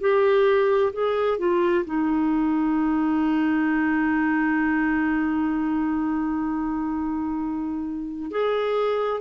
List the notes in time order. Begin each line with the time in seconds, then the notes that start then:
0.00 G4
0.93 G#4
1.38 F4
1.85 D#4
8.31 G#4